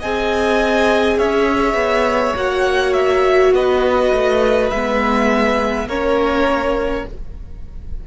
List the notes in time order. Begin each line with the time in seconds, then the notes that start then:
0.00 C4 G#4 D#5 G#5
1.18 C#4 C#5 E5
1.75 B3
2.36 A#3 F#4 F#5
2.94 E5
3.53 B3 B4 D#5
4.12 A3
4.71 G#3 B3 E5
5.87 A#3 C#4 A#4 C#5